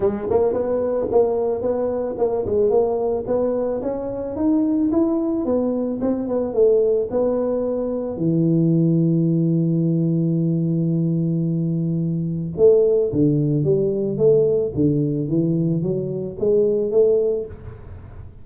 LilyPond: \new Staff \with { instrumentName = "tuba" } { \time 4/4 \tempo 4 = 110 gis8 ais8 b4 ais4 b4 | ais8 gis8 ais4 b4 cis'4 | dis'4 e'4 b4 c'8 b8 | a4 b2 e4~ |
e1~ | e2. a4 | d4 g4 a4 d4 | e4 fis4 gis4 a4 | }